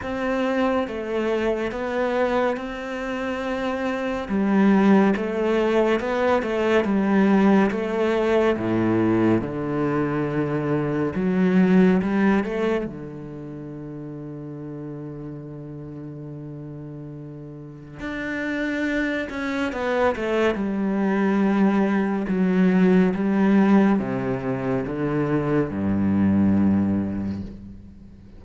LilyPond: \new Staff \with { instrumentName = "cello" } { \time 4/4 \tempo 4 = 70 c'4 a4 b4 c'4~ | c'4 g4 a4 b8 a8 | g4 a4 a,4 d4~ | d4 fis4 g8 a8 d4~ |
d1~ | d4 d'4. cis'8 b8 a8 | g2 fis4 g4 | c4 d4 g,2 | }